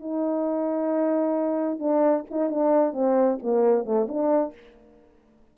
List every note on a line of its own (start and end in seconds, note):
0.00 1.79 D#4
1.79 2.25 D4
2.31 2.50 D#4
2.50 2.94 D4
2.94 3.39 C4
3.43 3.85 A#3
3.85 4.08 A3
4.08 4.54 D4